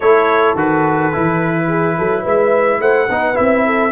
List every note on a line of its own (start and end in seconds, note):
0.00 0.55 A3
0.00 0.56 E4
0.00 1.66 A4
0.00 0.55 C#5
0.55 1.11 D#3
0.55 1.12 F#4
0.55 2.26 B4
1.12 1.98 E3
1.12 3.08 E4
1.68 1.96 G#4
1.98 2.25 F#3
1.98 2.22 A4
2.22 2.80 G#3
2.22 2.78 B4
2.22 2.81 E5
2.80 3.08 A3
2.80 3.09 C5
2.80 3.36 F#5
3.09 3.37 B3
3.09 3.34 D#4
3.09 3.65 B4
3.34 3.92 C4
3.34 3.90 E4
3.34 3.92 E5
3.65 3.92 A4